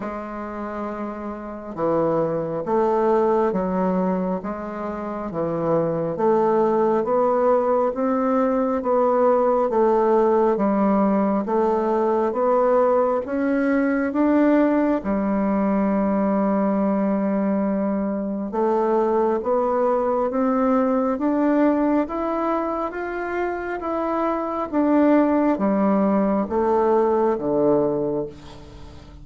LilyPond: \new Staff \with { instrumentName = "bassoon" } { \time 4/4 \tempo 4 = 68 gis2 e4 a4 | fis4 gis4 e4 a4 | b4 c'4 b4 a4 | g4 a4 b4 cis'4 |
d'4 g2.~ | g4 a4 b4 c'4 | d'4 e'4 f'4 e'4 | d'4 g4 a4 d4 | }